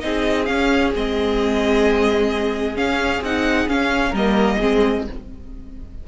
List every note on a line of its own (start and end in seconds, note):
0.00 0.49 C4
0.00 0.46 D#4
0.00 4.10 G#4
0.00 0.46 D#5
0.46 0.92 C#4
0.46 0.95 C#4
0.46 0.91 F5
0.95 2.77 G#3
0.95 2.76 C4
0.95 2.77 D#5
2.76 3.21 C#4
2.76 3.23 F5
3.21 3.67 C4
3.21 3.69 D#4
3.21 3.69 F#5
3.69 4.13 C#4
3.69 4.15 C#4
3.69 4.15 F5
4.10 4.58 G3
4.10 4.61 A#3
4.10 4.56 A#4
4.10 5.07 D#5
4.58 5.08 G#3
4.58 5.06 C4
4.58 5.04 G#4